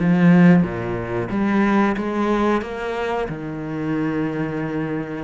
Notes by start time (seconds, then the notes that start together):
0.00 F3
0.63 A#2
1.30 G3
1.97 G#3
2.62 A#3
3.29 D#3